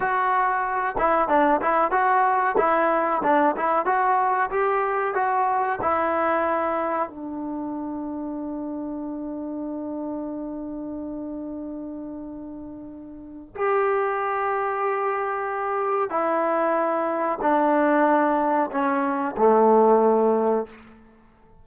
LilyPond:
\new Staff \with { instrumentName = "trombone" } { \time 4/4 \tempo 4 = 93 fis'4. e'8 d'8 e'8 fis'4 | e'4 d'8 e'8 fis'4 g'4 | fis'4 e'2 d'4~ | d'1~ |
d'1~ | d'4 g'2.~ | g'4 e'2 d'4~ | d'4 cis'4 a2 | }